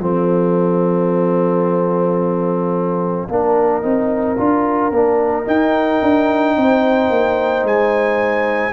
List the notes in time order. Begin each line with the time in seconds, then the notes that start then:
0.00 F3 C4 A4 F5
3.29 A#3 D4 A#4
3.82 C4 D#4
4.38 D4 F4
4.92 A#3 D4
5.45 D#4 G5
6.02 D4
6.57 C4 C5
7.10 A#3
7.64 G#3 G#5